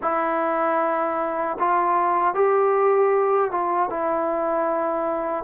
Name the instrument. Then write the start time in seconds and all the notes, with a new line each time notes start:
trombone
0.01 E4
1.59 F4
2.34 G4
3.51 F4
3.89 E4